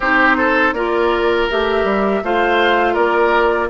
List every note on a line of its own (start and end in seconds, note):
0.00 0.72 C4
0.00 0.76 D#4
0.00 0.37 G4
0.00 0.73 C5
0.37 0.74 A4
0.72 1.46 A#3
0.72 1.50 F4
0.72 2.23 A#4
0.72 1.47 D5
1.50 1.83 A3
1.50 2.23 G4
1.50 2.24 E5
1.83 2.21 G3
2.23 2.96 A3
2.23 3.69 F4
2.23 2.93 C5
2.23 2.94 F5
2.93 3.69 A#3
2.93 3.67 A#4
2.93 3.68 D5